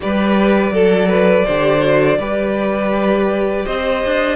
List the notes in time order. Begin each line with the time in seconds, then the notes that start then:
0.00 G3 G4 B4 D5
0.70 F#3 A4
1.08 B4
1.45 D3 G4 C5
1.80 F#4
2.19 G3 G4 B4
3.65 C4 C5 D#5
4.05 D4